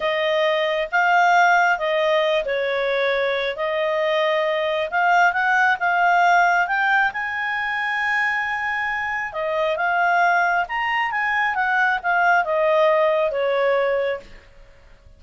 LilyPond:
\new Staff \with { instrumentName = "clarinet" } { \time 4/4 \tempo 4 = 135 dis''2 f''2 | dis''4. cis''2~ cis''8 | dis''2. f''4 | fis''4 f''2 g''4 |
gis''1~ | gis''4 dis''4 f''2 | ais''4 gis''4 fis''4 f''4 | dis''2 cis''2 | }